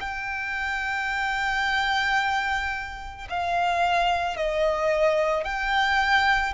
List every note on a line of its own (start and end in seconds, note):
0.00 3.27 G5
3.29 4.36 F5
4.36 5.44 D#5
5.44 6.53 G5